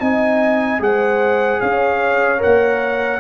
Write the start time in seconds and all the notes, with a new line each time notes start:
0.00 C4 D#4 D#5 G#5
0.80 G#3 G#4 C5 F#5
1.61 C#4 C#5 F5
2.38 A#4 F#5
2.45 A#3